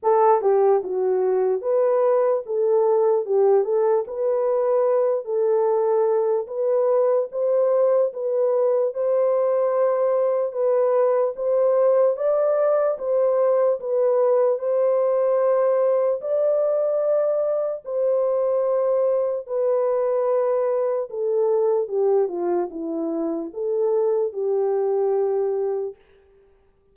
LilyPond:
\new Staff \with { instrumentName = "horn" } { \time 4/4 \tempo 4 = 74 a'8 g'8 fis'4 b'4 a'4 | g'8 a'8 b'4. a'4. | b'4 c''4 b'4 c''4~ | c''4 b'4 c''4 d''4 |
c''4 b'4 c''2 | d''2 c''2 | b'2 a'4 g'8 f'8 | e'4 a'4 g'2 | }